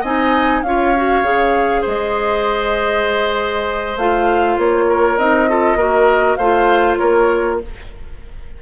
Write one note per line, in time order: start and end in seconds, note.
0.00 0.63 C4
0.00 0.65 D#4
0.00 0.61 D#5
0.00 0.62 G#5
0.62 1.23 C#4
0.62 0.95 F4
0.62 1.81 C#5
0.62 1.83 F5
0.96 1.23 F#4
1.23 1.83 C#3
1.23 3.96 G#4
1.81 3.96 G#3
1.81 4.84 C5
1.87 3.97 D#5
3.96 4.57 A3
3.96 5.18 F4
3.96 4.58 F5
4.57 5.17 A#3
4.57 5.17 C#5
4.89 5.49 A#4
5.17 5.75 C4
5.17 5.48 D#4
5.17 6.35 D#5
5.48 5.77 F4
5.48 5.77 A4
5.75 6.36 A#3
5.75 6.37 F#4
5.75 6.37 A#4
6.35 6.98 A3
6.35 7.62 F4
6.35 6.98 C5
6.35 6.96 F5
6.97 7.61 A#3
6.97 7.59 A#4
6.97 7.58 C#5